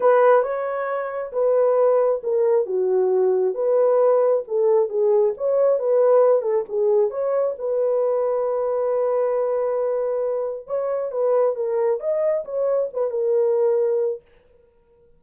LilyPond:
\new Staff \with { instrumentName = "horn" } { \time 4/4 \tempo 4 = 135 b'4 cis''2 b'4~ | b'4 ais'4 fis'2 | b'2 a'4 gis'4 | cis''4 b'4. a'8 gis'4 |
cis''4 b'2.~ | b'1 | cis''4 b'4 ais'4 dis''4 | cis''4 b'8 ais'2~ ais'8 | }